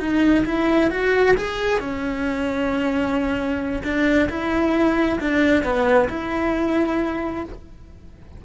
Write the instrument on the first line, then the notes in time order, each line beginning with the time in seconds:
cello
0.00 D#4
0.46 E4
0.91 F#4
1.37 G#4
1.80 C#4
3.84 D4
4.29 E4
5.20 D4
5.64 B3
6.09 E4